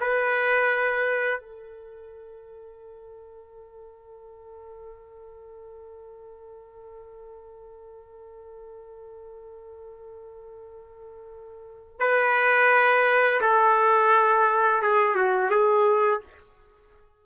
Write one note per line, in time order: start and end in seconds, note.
0.00 1.40 B4
1.40 11.99 A4
11.99 13.40 B4
13.41 14.82 A4
14.82 15.15 G#4
15.15 15.50 F#4
15.50 16.21 G#4